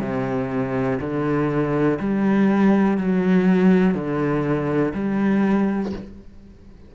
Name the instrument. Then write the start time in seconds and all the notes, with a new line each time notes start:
cello
0.00 C3
1.00 D3
1.99 G3
2.97 F#3
3.94 D3
4.94 G3